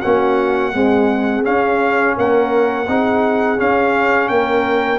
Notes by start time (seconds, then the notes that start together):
0.00 A#3 C#4 F#4 F#5
0.73 G#3 C4 G#4
1.43 C#4 F5
2.16 A#3 A#4 F#5
2.87 C4 D#4 G#4
3.57 C#4 F5
4.28 A#3 A#4 G5